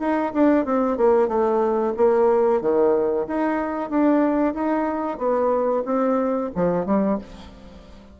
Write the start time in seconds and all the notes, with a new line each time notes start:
0.00 D#4
0.34 D4
0.66 C4
0.98 A#3
1.28 A3
1.97 A#3
2.61 D#3
3.27 D#4
3.90 D4
4.54 D#4
5.18 B3
5.85 C4
6.55 F3
6.86 G3